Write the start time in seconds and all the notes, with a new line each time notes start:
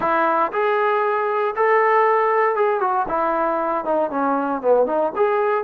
0.00 E4
0.52 G#4
1.56 A4
2.55 G#4
2.80 F#4
3.08 E4
3.85 D#4
4.10 C#4
4.61 B3
4.86 D#4
5.16 G#4